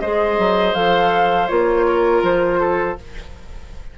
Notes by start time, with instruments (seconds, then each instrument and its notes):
0.00 bassoon G#3, clarinet G#4, oboe C5, flute D#5
0.38 bassoon F#3
0.74 bassoon F3, clarinet A4, flute F5
1.47 bassoon A#3, clarinet F4, flute C#5
1.87 oboe A#4
2.22 bassoon F3, flute C5
2.59 oboe A4